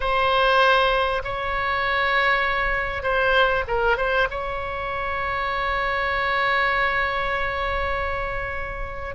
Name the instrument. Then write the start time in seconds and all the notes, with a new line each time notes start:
oboe
0.00 C5
1.24 C#5
3.03 C5
3.67 A#4
3.97 C5
4.30 C#5